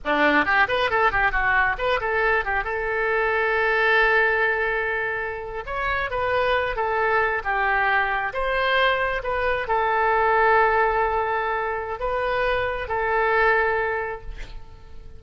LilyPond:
\new Staff \with { instrumentName = "oboe" } { \time 4/4 \tempo 4 = 135 d'4 g'8 b'8 a'8 g'8 fis'4 | b'8 a'4 g'8 a'2~ | a'1~ | a'8. cis''4 b'4. a'8.~ |
a'8. g'2 c''4~ c''16~ | c''8. b'4 a'2~ a'16~ | a'2. b'4~ | b'4 a'2. | }